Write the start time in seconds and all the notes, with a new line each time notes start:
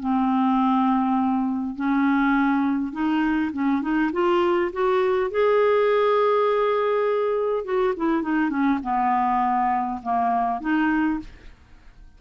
0.00 C4
1.76 C#4
2.93 D#4
3.53 C#4
3.82 D#4
4.13 F4
4.73 F#4
5.31 G#4
7.65 F#4
7.97 E4
8.22 D#4
8.50 C#4
8.83 B3
10.03 A#3
10.61 D#4